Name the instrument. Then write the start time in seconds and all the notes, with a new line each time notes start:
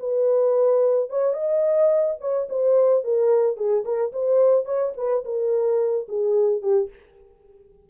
horn
0.00 B4
1.10 C#5
1.34 D#5
2.21 C#5
2.50 C5
3.05 A#4
3.57 G#4
3.85 A#4
4.13 C5
4.66 C#5
4.97 B4
5.25 A#4
6.09 G#4
6.63 G4